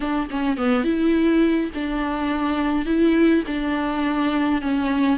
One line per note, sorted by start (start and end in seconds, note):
0.00 0.28 D4
0.30 0.57 C#4
0.57 0.83 B3
0.83 1.70 E4
1.74 2.85 D4
2.85 3.43 E4
3.46 4.61 D4
4.61 5.18 C#4